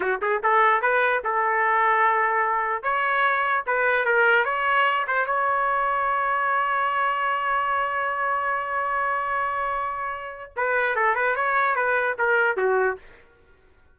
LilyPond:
\new Staff \with { instrumentName = "trumpet" } { \time 4/4 \tempo 4 = 148 fis'8 gis'8 a'4 b'4 a'4~ | a'2. cis''4~ | cis''4 b'4 ais'4 cis''4~ | cis''8 c''8 cis''2.~ |
cis''1~ | cis''1~ | cis''2 b'4 a'8 b'8 | cis''4 b'4 ais'4 fis'4 | }